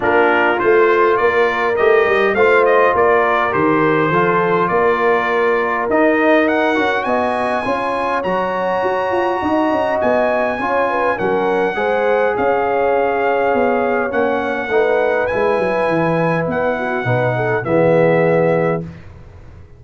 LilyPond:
<<
  \new Staff \with { instrumentName = "trumpet" } { \time 4/4 \tempo 4 = 102 ais'4 c''4 d''4 dis''4 | f''8 dis''8 d''4 c''2 | d''2 dis''4 fis''4 | gis''2 ais''2~ |
ais''4 gis''2 fis''4~ | fis''4 f''2. | fis''2 gis''2 | fis''2 e''2 | }
  \new Staff \with { instrumentName = "horn" } { \time 4/4 f'2 ais'2 | c''4 ais'2 a'4 | ais'1 | dis''4 cis''2. |
dis''2 cis''8 b'8 ais'4 | c''4 cis''2.~ | cis''4 b'2.~ | b'8 fis'8 b'8 a'8 gis'2 | }
  \new Staff \with { instrumentName = "trombone" } { \time 4/4 d'4 f'2 g'4 | f'2 g'4 f'4~ | f'2 dis'4. fis'8~ | fis'4 f'4 fis'2~ |
fis'2 f'4 cis'4 | gis'1 | cis'4 dis'4 e'2~ | e'4 dis'4 b2 | }
  \new Staff \with { instrumentName = "tuba" } { \time 4/4 ais4 a4 ais4 a8 g8 | a4 ais4 dis4 f4 | ais2 dis'4. cis'8 | b4 cis'4 fis4 fis'8 f'8 |
dis'8 cis'8 b4 cis'4 fis4 | gis4 cis'2 b4 | ais4 a4 gis8 fis8 e4 | b4 b,4 e2 | }
>>